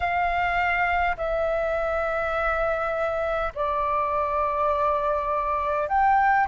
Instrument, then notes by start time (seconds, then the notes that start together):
flute
0.00 F5
1.17 E5
3.55 D5
5.88 G5